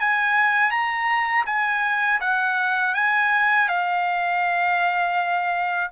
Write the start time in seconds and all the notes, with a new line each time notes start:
0.00 G#5
0.71 A#5
1.46 G#5
2.20 F#5
2.94 G#5
3.68 F5